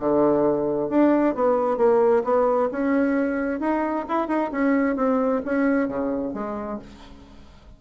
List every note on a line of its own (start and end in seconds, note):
0.00 0.90 D3
0.90 1.35 D4
1.35 1.78 B3
1.78 2.23 A#3
2.24 2.70 B3
2.72 3.61 C#4
3.61 4.06 D#4
4.09 4.28 E4
4.28 4.51 D#4
4.52 4.96 C#4
4.96 5.42 C4
5.45 5.88 C#4
5.88 6.34 C#3
6.34 6.79 G#3